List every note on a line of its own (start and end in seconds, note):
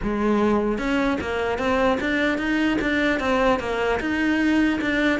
0.02 0.78 G#3
0.78 1.18 C#4
1.20 1.58 A#3
1.58 1.98 C4
2.00 2.37 D4
2.37 2.77 D#4
2.81 3.19 D4
3.19 3.59 C4
3.59 3.99 A#3
3.99 4.79 D#4
4.81 5.19 D4